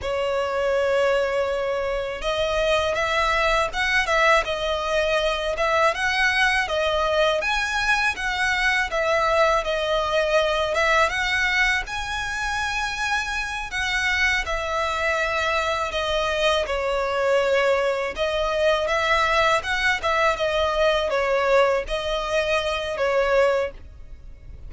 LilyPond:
\new Staff \with { instrumentName = "violin" } { \time 4/4 \tempo 4 = 81 cis''2. dis''4 | e''4 fis''8 e''8 dis''4. e''8 | fis''4 dis''4 gis''4 fis''4 | e''4 dis''4. e''8 fis''4 |
gis''2~ gis''8 fis''4 e''8~ | e''4. dis''4 cis''4.~ | cis''8 dis''4 e''4 fis''8 e''8 dis''8~ | dis''8 cis''4 dis''4. cis''4 | }